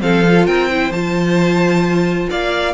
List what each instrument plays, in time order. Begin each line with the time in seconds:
0.00 cello F3, viola C4, violin A4 F5
0.27 viola F4
0.46 cello C4, violin A#4 G5
0.68 viola E4, violin C5
0.90 cello F3, viola F4, violin A5
2.29 cello A#3, violin D5 F5